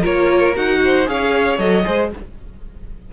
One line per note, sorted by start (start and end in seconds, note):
0.00 0.56 A#3
0.00 0.54 F4
0.00 0.78 A#4
0.00 0.56 C#5
0.55 1.07 D#4
0.55 1.06 F#4
0.55 1.08 F#5
0.84 1.10 C5
1.06 1.58 C#4
1.06 1.58 G#4
1.06 1.85 C#5
1.06 1.58 F5
1.58 1.84 F#3
1.58 1.85 A4
1.58 2.11 D#5
1.85 2.13 G#3
1.85 2.11 G#4
1.85 2.11 C5